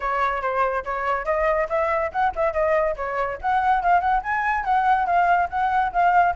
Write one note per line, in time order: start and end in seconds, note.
0.00 0.41 C#5
0.41 0.83 C5
0.84 1.25 C#5
1.25 1.67 D#5
1.69 2.11 E5
2.11 2.33 F#5
2.35 2.53 E5
2.53 2.95 D#5
2.96 3.38 C#5
3.41 3.82 F#5
3.82 4.00 F5
4.00 4.21 F#5
4.23 4.64 G#5
4.64 5.06 F#5
5.06 5.48 F5
5.49 5.92 F#5
5.92 6.34 F5